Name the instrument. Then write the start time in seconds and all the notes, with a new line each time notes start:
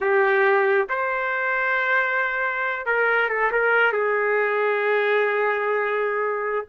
trumpet
0.00 G4
0.89 C5
2.86 A#4
3.29 A4
3.51 A#4
3.92 G#4